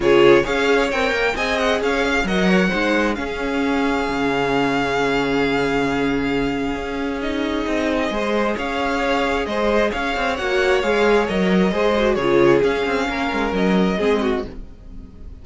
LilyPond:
<<
  \new Staff \with { instrumentName = "violin" } { \time 4/4 \tempo 4 = 133 cis''4 f''4 g''4 gis''8 fis''8 | f''4 fis''2 f''4~ | f''1~ | f''1 |
dis''2. f''4~ | f''4 dis''4 f''4 fis''4 | f''4 dis''2 cis''4 | f''2 dis''2 | }
  \new Staff \with { instrumentName = "violin" } { \time 4/4 gis'4 cis''2 dis''4 | cis''8 f''8 dis''8 cis''8 c''4 gis'4~ | gis'1~ | gis'1~ |
gis'2 c''4 cis''4~ | cis''4 c''4 cis''2~ | cis''2 c''4 gis'4~ | gis'4 ais'2 gis'8 fis'8 | }
  \new Staff \with { instrumentName = "viola" } { \time 4/4 f'4 gis'4 ais'4 gis'4~ | gis'4 ais'4 dis'4 cis'4~ | cis'1~ | cis'1 |
dis'2 gis'2~ | gis'2. fis'4 | gis'4 ais'4 gis'8 fis'8 f'4 | cis'2. c'4 | }
  \new Staff \with { instrumentName = "cello" } { \time 4/4 cis4 cis'4 c'8 ais8 c'4 | cis'4 fis4 gis4 cis'4~ | cis'4 cis2.~ | cis2. cis'4~ |
cis'4 c'4 gis4 cis'4~ | cis'4 gis4 cis'8 c'8 ais4 | gis4 fis4 gis4 cis4 | cis'8 c'8 ais8 gis8 fis4 gis4 | }
>>